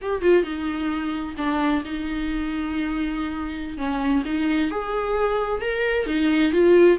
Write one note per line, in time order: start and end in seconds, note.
0.01 0.21 G4
0.21 0.43 F4
0.43 1.34 D#4
1.37 1.83 D4
1.84 3.77 D#4
3.77 4.23 C#4
4.25 4.70 D#4
4.70 5.61 G#4
5.61 6.06 A#4
6.06 6.52 D#4
6.52 6.98 F4